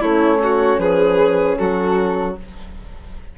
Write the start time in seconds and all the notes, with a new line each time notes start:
0.00 A3 C#4 E4 C#5
0.44 F#4
0.78 F3 G#4 B4
1.57 F#3 F#4 A4